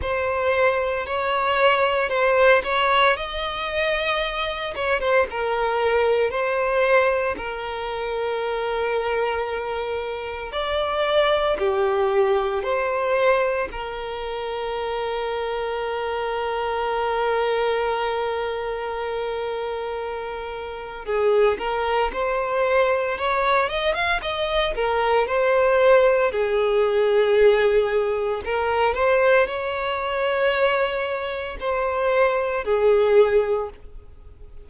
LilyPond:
\new Staff \with { instrumentName = "violin" } { \time 4/4 \tempo 4 = 57 c''4 cis''4 c''8 cis''8 dis''4~ | dis''8 cis''16 c''16 ais'4 c''4 ais'4~ | ais'2 d''4 g'4 | c''4 ais'2.~ |
ais'1 | gis'8 ais'8 c''4 cis''8 dis''16 f''16 dis''8 ais'8 | c''4 gis'2 ais'8 c''8 | cis''2 c''4 gis'4 | }